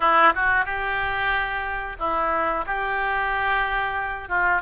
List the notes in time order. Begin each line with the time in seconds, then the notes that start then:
0.00 E4
0.34 F#4
0.65 G4
1.99 E4
2.66 G4
4.29 F4